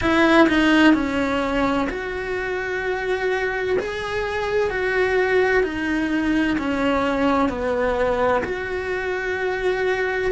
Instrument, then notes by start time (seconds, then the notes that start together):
cello
0.01 E4
0.48 D#4
0.94 C#4
1.89 F#4
3.79 G#4
4.70 F#4
5.63 D#4
6.58 C#4
7.49 B3
8.44 F#4